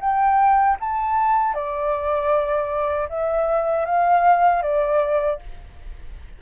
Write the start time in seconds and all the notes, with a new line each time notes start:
0.00 G5
0.80 A5
1.54 D5
3.09 E5
3.85 F5
4.62 D5